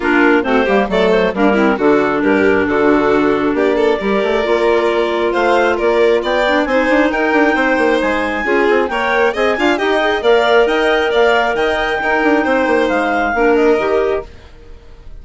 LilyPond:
<<
  \new Staff \with { instrumentName = "clarinet" } { \time 4/4 \tempo 4 = 135 ais'4 c''4 d''8 c''8 ais'4 | a'4 ais'4 a'2 | d''1 | f''4 d''4 g''4 gis''4 |
g''2 gis''2 | g''4 gis''4 g''4 f''4 | g''4 f''4 g''2~ | g''4 f''4. dis''4. | }
  \new Staff \with { instrumentName = "violin" } { \time 4/4 f'4 fis'8 g'8 a'4 d'8 e'8 | fis'4 g'4 fis'2 | g'8 a'8 ais'2. | c''4 ais'4 d''4 c''4 |
ais'4 c''2 gis'4 | cis''4 dis''8 f''8 dis''4 d''4 | dis''4 d''4 dis''4 ais'4 | c''2 ais'2 | }
  \new Staff \with { instrumentName = "clarinet" } { \time 4/4 d'4 c'8 ais8 a4 ais8 c'8 | d'1~ | d'4 g'4 f'2~ | f'2~ f'8 d'8 dis'4~ |
dis'2. f'4 | ais'4 gis'8 f'8 g'8 gis'8 ais'4~ | ais'2. dis'4~ | dis'2 d'4 g'4 | }
  \new Staff \with { instrumentName = "bassoon" } { \time 4/4 ais4 a8 g8 fis4 g4 | d4 g,4 d2 | ais4 g8 a8 ais2 | a4 ais4 b4 c'8 d'8 |
dis'8 d'8 c'8 ais8 gis4 cis'8 c'8 | ais4 c'8 d'8 dis'4 ais4 | dis'4 ais4 dis4 dis'8 d'8 | c'8 ais8 gis4 ais4 dis4 | }
>>